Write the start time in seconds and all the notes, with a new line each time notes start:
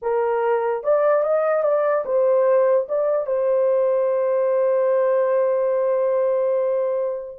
0.01 A#4
0.83 D5
1.23 D#5
1.63 D5
2.05 C5
2.88 D5
3.26 C5